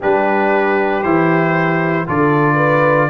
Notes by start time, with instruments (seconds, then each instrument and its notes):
0.00 tuba G3, trombone D4, horn G4, trumpet B4
1.02 tuba E3, trombone E4, trumpet C5
2.06 tuba D3, trombone F4, horn A4, trumpet D5
2.55 horn B4